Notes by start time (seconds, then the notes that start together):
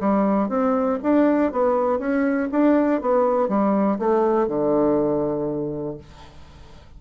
0.00 G3
0.48 C4
1.03 D4
1.52 B3
1.98 C#4
2.51 D4
3.01 B3
3.48 G3
3.99 A3
4.47 D3